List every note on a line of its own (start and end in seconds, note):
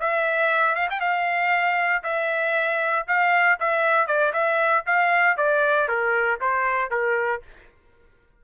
0.00 0.75 E5
0.75 0.88 F5
0.90 1.00 G5
1.00 2.03 F5
2.03 3.06 E5
3.08 3.59 F5
3.60 4.07 E5
4.07 4.33 D5
4.33 4.84 E5
4.86 5.37 F5
5.37 5.88 D5
5.88 6.40 A#4
6.41 6.91 C5
6.91 7.42 A#4